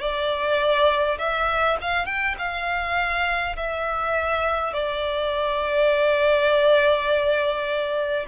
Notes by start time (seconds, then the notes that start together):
0.00 D5
1.18 E5
1.81 F5
2.05 G5
2.38 F5
3.56 E5
4.73 D5